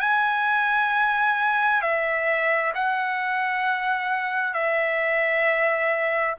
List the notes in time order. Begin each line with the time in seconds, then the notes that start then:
0.00 G#5
1.81 E5
2.74 F#5
4.53 E5